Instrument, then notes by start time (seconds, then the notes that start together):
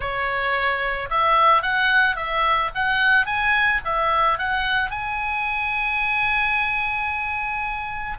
oboe
0.00 C#5
1.09 E5
1.62 F#5
2.15 E5
2.74 F#5
3.26 G#5
3.84 E5
4.38 F#5
4.90 G#5